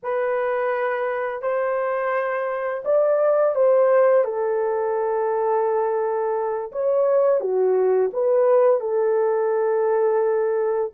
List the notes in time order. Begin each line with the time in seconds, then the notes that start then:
0.03 B4
1.41 C5
2.84 D5
3.55 C5
4.24 A4
6.72 C#5
7.40 F#4
8.13 B4
8.80 A4